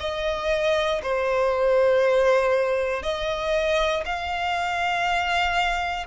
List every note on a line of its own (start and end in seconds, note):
0.00 1.02 D#5
1.03 3.03 C5
3.03 4.04 D#5
4.06 6.07 F5